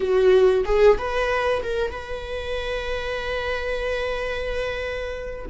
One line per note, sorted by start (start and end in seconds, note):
0.00 0.64 F#4
0.65 0.97 G#4
0.98 1.62 B4
1.62 1.91 A#4
1.91 5.45 B4